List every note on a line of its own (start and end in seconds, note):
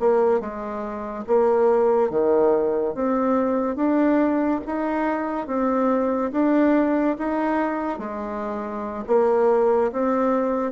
0.00 0.40 A#3
0.40 1.25 G#3
1.27 2.10 A#3
2.10 2.94 D#3
2.94 3.76 C4
3.76 4.61 D4
4.66 5.47 D#4
5.47 6.31 C4
6.32 7.16 D4
7.18 7.99 D#4
7.99 9.04 G#3
9.07 9.91 A#3
9.92 10.72 C4